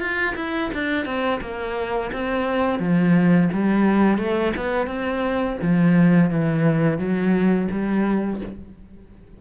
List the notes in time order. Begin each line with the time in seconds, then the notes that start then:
0.00 F4
0.36 E4
0.74 D4
1.06 C4
1.41 A#3
2.12 C4
2.79 F3
3.53 G3
4.18 A3
4.57 B3
4.87 C4
5.62 F3
6.31 E3
6.98 F#3
7.71 G3